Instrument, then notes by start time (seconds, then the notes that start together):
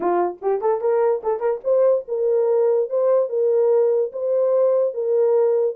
horn
0.00 F4
0.41 G4
0.61 A4
0.81 A#4
1.23 A4
1.40 A#4
1.64 C5
2.08 A#4
2.89 C5
3.29 A#4
4.12 C5
4.94 A#4